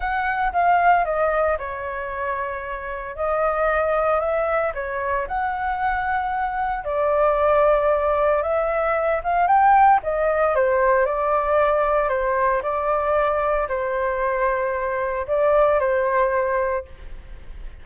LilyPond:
\new Staff \with { instrumentName = "flute" } { \time 4/4 \tempo 4 = 114 fis''4 f''4 dis''4 cis''4~ | cis''2 dis''2 | e''4 cis''4 fis''2~ | fis''4 d''2. |
e''4. f''8 g''4 dis''4 | c''4 d''2 c''4 | d''2 c''2~ | c''4 d''4 c''2 | }